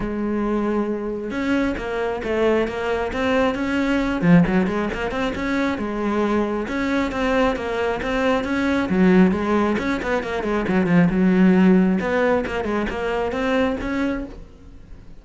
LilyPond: \new Staff \with { instrumentName = "cello" } { \time 4/4 \tempo 4 = 135 gis2. cis'4 | ais4 a4 ais4 c'4 | cis'4. f8 fis8 gis8 ais8 c'8 | cis'4 gis2 cis'4 |
c'4 ais4 c'4 cis'4 | fis4 gis4 cis'8 b8 ais8 gis8 | fis8 f8 fis2 b4 | ais8 gis8 ais4 c'4 cis'4 | }